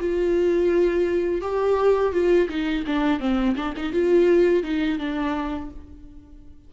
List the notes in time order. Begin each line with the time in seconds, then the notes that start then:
0.00 F4
1.42 G4
2.13 F4
2.49 D#4
2.87 D4
3.20 C4
3.56 D4
3.77 D#4
3.93 F4
4.63 D#4
4.99 D4